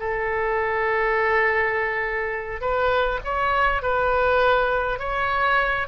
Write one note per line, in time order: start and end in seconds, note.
0.00 2.61 A4
2.61 3.20 B4
3.24 3.82 C#5
3.82 4.99 B4
4.99 5.87 C#5